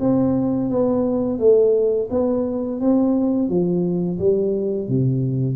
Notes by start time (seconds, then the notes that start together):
0.00 C4
0.70 B3
1.39 A3
2.11 B3
2.81 C4
3.49 F3
4.19 G3
4.89 C3